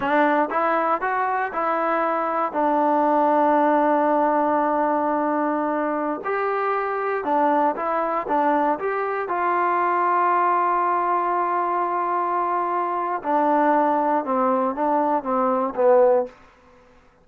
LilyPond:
\new Staff \with { instrumentName = "trombone" } { \time 4/4 \tempo 4 = 118 d'4 e'4 fis'4 e'4~ | e'4 d'2.~ | d'1~ | d'16 g'2 d'4 e'8.~ |
e'16 d'4 g'4 f'4.~ f'16~ | f'1~ | f'2 d'2 | c'4 d'4 c'4 b4 | }